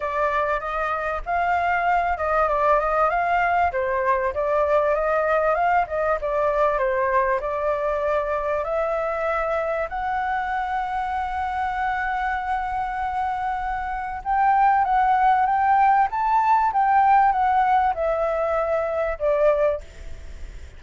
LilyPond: \new Staff \with { instrumentName = "flute" } { \time 4/4 \tempo 4 = 97 d''4 dis''4 f''4. dis''8 | d''8 dis''8 f''4 c''4 d''4 | dis''4 f''8 dis''8 d''4 c''4 | d''2 e''2 |
fis''1~ | fis''2. g''4 | fis''4 g''4 a''4 g''4 | fis''4 e''2 d''4 | }